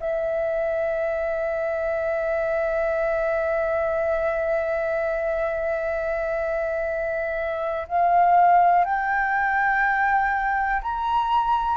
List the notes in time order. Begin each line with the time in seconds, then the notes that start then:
0.00 E5
7.88 F5
8.85 G5
10.82 A#5